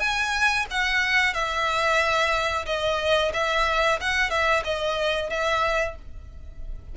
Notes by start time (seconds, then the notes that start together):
0.00 G#5
0.71 F#5
1.34 E5
2.66 D#5
3.34 E5
4.01 F#5
4.30 E5
4.65 D#5
5.30 E5